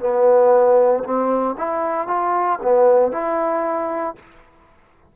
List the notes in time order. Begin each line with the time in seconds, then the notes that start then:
0.00 B3
1.03 C4
1.58 E4
2.07 F4
2.62 B3
3.12 E4